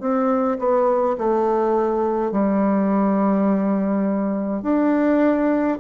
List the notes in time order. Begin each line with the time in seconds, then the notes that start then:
0.00 C4
0.59 B3
1.18 A3
2.32 G3
4.62 D4